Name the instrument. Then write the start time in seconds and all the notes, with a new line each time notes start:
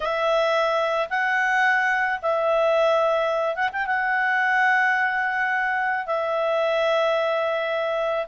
clarinet
0.00 E5
1.09 F#5
2.21 E5
3.55 F#5
3.72 G5
3.86 F#5
6.06 E5